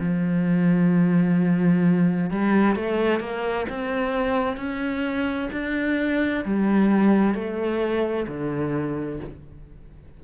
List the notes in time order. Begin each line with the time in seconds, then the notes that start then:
0.00 F3
2.31 G3
2.76 A3
3.20 A#3
3.69 C4
4.57 C#4
5.53 D4
6.45 G3
7.35 A3
8.28 D3